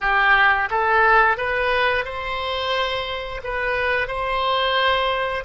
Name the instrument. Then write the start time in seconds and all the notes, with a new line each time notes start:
oboe
0.00 G4
0.70 A4
1.37 B4
2.05 C5
3.43 B4
4.07 C5